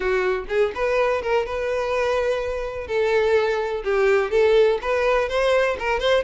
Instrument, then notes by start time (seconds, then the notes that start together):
violin
0.00 F#4
0.48 G#4
0.75 B4
1.21 A#4
1.46 B4
2.87 A4
3.84 G4
4.30 A4
4.81 B4
5.28 C5
5.79 A#4
5.99 C5